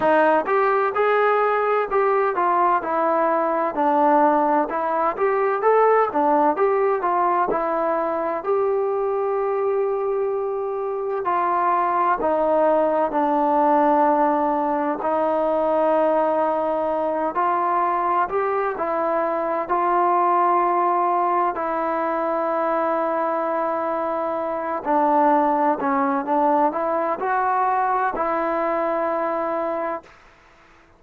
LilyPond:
\new Staff \with { instrumentName = "trombone" } { \time 4/4 \tempo 4 = 64 dis'8 g'8 gis'4 g'8 f'8 e'4 | d'4 e'8 g'8 a'8 d'8 g'8 f'8 | e'4 g'2. | f'4 dis'4 d'2 |
dis'2~ dis'8 f'4 g'8 | e'4 f'2 e'4~ | e'2~ e'8 d'4 cis'8 | d'8 e'8 fis'4 e'2 | }